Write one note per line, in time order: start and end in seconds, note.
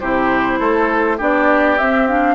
0.00 0.60 C3
0.00 1.18 E4
0.00 0.60 G4
0.00 1.19 C5
0.60 1.20 A3
0.60 1.18 A4
1.18 1.80 B3
1.18 1.78 D4
1.18 2.35 G4
1.18 1.78 D5
1.78 2.08 C4
1.78 2.35 C4
1.78 2.07 E5
2.08 2.35 D4
2.08 2.35 F5